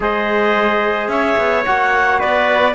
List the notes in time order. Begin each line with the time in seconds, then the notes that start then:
0.00 G#3 G#4 C5 D#5
1.07 C#4 C#5 E5
1.37 B3
1.65 A#3 F#4 F#5
2.19 B3 B4 D5